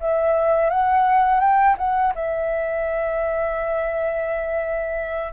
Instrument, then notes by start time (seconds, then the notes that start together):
flute
0.00 E5
0.70 F#5
1.40 G5
1.78 F#5
2.15 E5